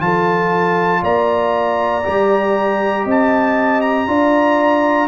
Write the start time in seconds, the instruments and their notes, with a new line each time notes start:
0.00 tuba F3, trombone F4, horn A4, trumpet A5
1.02 tuba A#3, horn D5, trumpet A#5
2.05 tuba G3, trombone G4
3.05 tuba C4, horn D#5, trumpet A5
3.82 trumpet A#5
4.08 tuba D4, trombone F4, horn D5